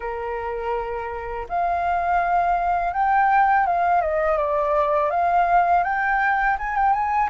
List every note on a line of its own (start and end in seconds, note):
0.00 1.46 A#4
1.48 2.93 F5
2.93 3.66 G5
3.66 4.01 F5
4.01 4.37 D#5
4.37 5.10 D5
5.10 5.83 F5
5.83 6.57 G5
6.58 6.75 G#5
6.75 6.92 G5
6.92 7.29 G#5